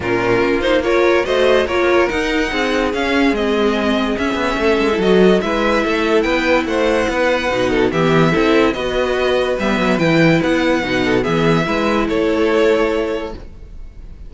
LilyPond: <<
  \new Staff \with { instrumentName = "violin" } { \time 4/4 \tempo 4 = 144 ais'4. c''8 cis''4 dis''4 | cis''4 fis''2 f''4 | dis''2 e''2 | dis''4 e''2 g''4 |
fis''2. e''4~ | e''4 dis''2 e''4 | g''4 fis''2 e''4~ | e''4 cis''2. | }
  \new Staff \with { instrumentName = "violin" } { \time 4/4 f'2 ais'4 c''4 | ais'2 gis'2~ | gis'2. a'4~ | a'4 b'4 a'4 b'4 |
c''4 b'4. a'8 g'4 | a'4 b'2.~ | b'2~ b'8 a'8 gis'4 | b'4 a'2. | }
  \new Staff \with { instrumentName = "viola" } { \time 4/4 cis'4. dis'8 f'4 fis'4 | f'4 dis'2 cis'4 | c'2 cis'4.~ cis'16 e'16 | fis'4 e'2.~ |
e'2 dis'4 b4 | e'4 fis'2 b4 | e'2 dis'4 b4 | e'1 | }
  \new Staff \with { instrumentName = "cello" } { \time 4/4 ais,4 ais2 a4 | ais4 dis'4 c'4 cis'4 | gis2 cis'8 b8 a8 gis8 | fis4 gis4 a4 b4 |
a4 b4 b,4 e4 | c'4 b2 g8 fis8 | e4 b4 b,4 e4 | gis4 a2. | }
>>